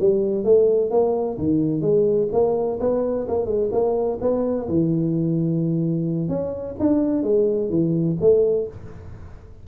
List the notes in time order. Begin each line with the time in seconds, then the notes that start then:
0.00 G3
0.45 A3
0.91 A#3
1.38 D#3
1.82 G#3
2.33 A#3
2.80 B3
3.28 A#3
3.46 G#3
3.72 A#3
4.21 B3
4.69 E3
6.29 C#4
6.80 D4
7.24 G#3
7.70 E3
8.21 A3